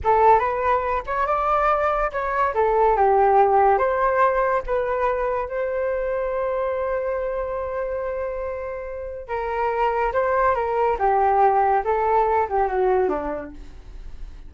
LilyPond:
\new Staff \with { instrumentName = "flute" } { \time 4/4 \tempo 4 = 142 a'4 b'4. cis''8 d''4~ | d''4 cis''4 a'4 g'4~ | g'4 c''2 b'4~ | b'4 c''2.~ |
c''1~ | c''2 ais'2 | c''4 ais'4 g'2 | a'4. g'8 fis'4 d'4 | }